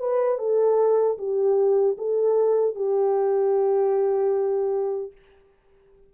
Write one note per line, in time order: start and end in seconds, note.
0.00 0.39 B4
0.39 1.18 A4
1.18 1.97 G4
1.98 2.76 A4
2.76 5.12 G4